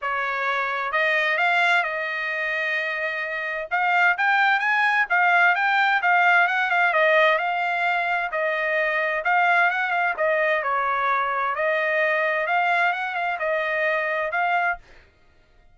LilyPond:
\new Staff \with { instrumentName = "trumpet" } { \time 4/4 \tempo 4 = 130 cis''2 dis''4 f''4 | dis''1 | f''4 g''4 gis''4 f''4 | g''4 f''4 fis''8 f''8 dis''4 |
f''2 dis''2 | f''4 fis''8 f''8 dis''4 cis''4~ | cis''4 dis''2 f''4 | fis''8 f''8 dis''2 f''4 | }